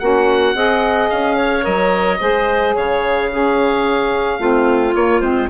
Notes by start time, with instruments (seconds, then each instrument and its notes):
0.00 bassoon A#3, saxophone C#4, clarinet F#4, oboe F#5
0.55 bassoon C4, saxophone G#4, clarinet D#5
1.10 bassoon C#4, oboe F5
1.37 clarinet C#5
1.62 bassoon F#3, saxophone A#4, oboe D#5
2.20 bassoon G#3, saxophone G#4, clarinet C5
2.75 bassoon C#3, clarinet C#5, oboe F5
3.31 saxophone C#4, clarinet G#4
4.39 bassoon A3, saxophone C4, clarinet F4
4.95 bassoon A#3, saxophone A#3, oboe C#5
5.21 bassoon G#3, saxophone C4, oboe C5